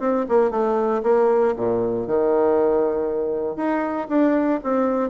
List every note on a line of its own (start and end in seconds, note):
0.00 0.26 C4
0.29 0.51 A#3
0.51 1.02 A3
1.03 1.55 A#3
1.56 2.07 A#2
2.07 3.56 D#3
3.56 4.08 D#4
4.09 4.60 D4
4.63 5.10 C4